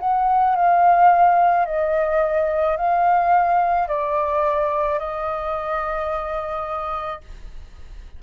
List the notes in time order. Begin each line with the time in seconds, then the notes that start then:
0.00 F#5
0.56 F5
1.66 D#5
2.77 F5
3.88 D5
4.99 D#5